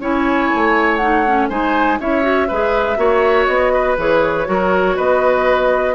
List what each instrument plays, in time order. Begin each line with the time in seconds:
0.00 bassoon C#4, clarinet E4, oboe C#5, flute G#5
0.55 bassoon A3
0.97 clarinet D#4, flute F#5
1.26 clarinet C#4
1.49 bassoon G#3, clarinet D#4, oboe C5, flute G#5
2.00 bassoon C#4, clarinet E4, oboe C#5, flute E5
2.23 clarinet F#4
2.48 bassoon G#3, clarinet G#4, oboe B4
2.97 bassoon A#3, clarinet F#4, oboe C#5
3.47 bassoon B3, flute D#5
3.73 oboe B4
3.98 bassoon E3, clarinet G#4, flute C#5
4.46 bassoon F#3, clarinet F#4, oboe A#4
4.97 bassoon B3, oboe B4, flute D#5